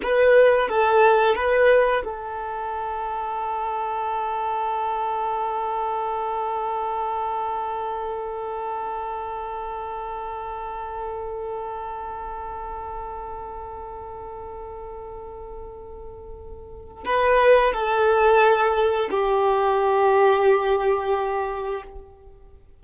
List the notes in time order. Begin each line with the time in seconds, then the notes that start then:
0.02 B4
0.68 A4
1.35 B4
2.04 A4
17.05 B4
17.73 A4
19.10 G4